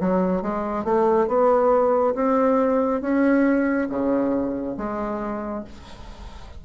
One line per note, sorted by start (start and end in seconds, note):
0.00 0.42 F#3
0.42 0.85 G#3
0.85 1.27 A3
1.27 2.14 B3
2.15 3.01 C4
3.01 3.88 C#4
3.89 4.76 C#3
4.77 5.64 G#3